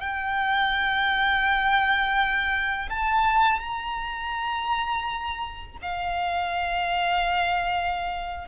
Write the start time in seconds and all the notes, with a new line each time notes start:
0.00 G5
2.89 A5
3.60 A#5
5.82 F5